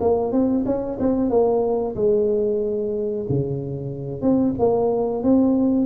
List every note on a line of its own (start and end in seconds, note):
0.00 0.32 A#3
0.32 0.64 C4
0.65 0.98 C#4
1.00 1.30 C4
1.30 1.95 A#3
1.95 3.26 G#3
3.29 4.21 C#3
4.21 4.54 C4
4.59 5.23 A#3
5.23 5.86 C4